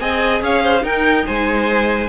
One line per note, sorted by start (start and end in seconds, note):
0.00 0.42 C4
0.00 0.82 G#4
0.00 0.43 D#5
0.00 0.42 G#5
0.42 0.83 C#4
0.42 0.63 C#5
0.42 0.85 F5
0.63 0.83 C5
0.82 2.08 D#4
0.82 1.25 D#4
0.82 1.25 A#4
0.82 1.26 G5
1.26 2.09 G#3
1.26 2.09 C5
1.26 2.09 G#5